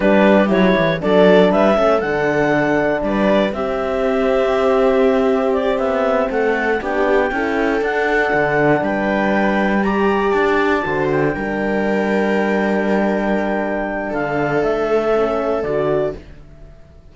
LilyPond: <<
  \new Staff \with { instrumentName = "clarinet" } { \time 4/4 \tempo 4 = 119 b'4 cis''4 d''4 e''4 | fis''2 d''4 e''4~ | e''2. d''8 e''8~ | e''8 fis''4 g''2 fis''8~ |
fis''4. g''2 ais''8~ | ais''8 a''4. g''2~ | g''1 | f''4 e''2 d''4 | }
  \new Staff \with { instrumentName = "viola" } { \time 4/4 g'2 a'4 b'8 a'8~ | a'2 b'4 g'4~ | g'1~ | g'8 a'4 g'4 a'4.~ |
a'4. b'2 d''8~ | d''4. c''4 ais'4.~ | ais'1 | a'1 | }
  \new Staff \with { instrumentName = "horn" } { \time 4/4 d'4 e'4 d'4. cis'8 | d'2. c'4~ | c'1~ | c'4. d'4 e'4 d'8~ |
d'2.~ d'8 g'8~ | g'4. fis'4 d'4.~ | d'1~ | d'2 cis'4 fis'4 | }
  \new Staff \with { instrumentName = "cello" } { \time 4/4 g4 fis8 e8 fis4 g8 a8 | d2 g4 c'4~ | c'2.~ c'8 b8~ | b8 a4 b4 cis'4 d'8~ |
d'8 d4 g2~ g8~ | g8 d'4 d4 g4.~ | g1 | d4 a2 d4 | }
>>